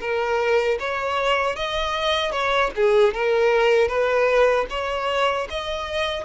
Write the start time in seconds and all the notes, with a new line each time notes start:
0.00 A#4
0.79 C#5
1.55 D#5
2.31 C#5
2.76 G#4
3.13 A#4
3.88 B4
4.69 C#5
5.50 D#5